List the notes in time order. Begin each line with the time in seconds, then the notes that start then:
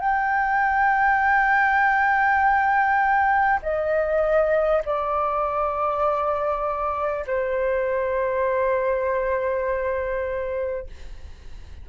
0.00 G5
3.62 D#5
4.85 D5
7.27 C5